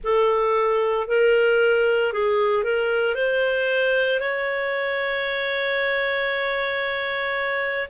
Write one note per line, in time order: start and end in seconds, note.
0.03 1.07 A4
1.07 2.12 A#4
2.12 2.63 G#4
2.63 3.14 A#4
3.14 4.20 C5
4.20 7.88 C#5